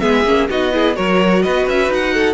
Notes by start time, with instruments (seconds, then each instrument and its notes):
0.00 cello G#3, viola B3, violin G#4 E5
0.25 cello A#3, viola C#4
0.50 cello B3, viola D#4, violin F#4 D#5
0.72 viola E4, violin G#4
0.96 cello F#3, viola F#4, violin A#4 C#5
1.43 cello B3, violin B4 D#5
1.67 cello C#4, violin E5
1.89 cello D#4, violin F#5
2.14 violin A4